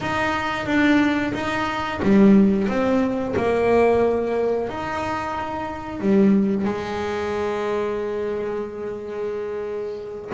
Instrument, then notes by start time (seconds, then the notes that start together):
double bass
0.00 D#4
0.65 D4
1.33 D#4
2.02 G3
2.68 C4
3.36 A#3
4.68 D#4
6.00 G3
6.65 G#3